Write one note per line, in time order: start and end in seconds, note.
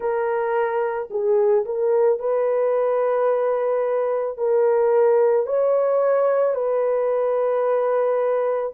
0.00 1.09 A#4
1.10 1.65 G#4
1.65 2.19 A#4
2.19 4.37 B4
4.37 5.46 A#4
5.46 6.55 C#5
6.55 8.73 B4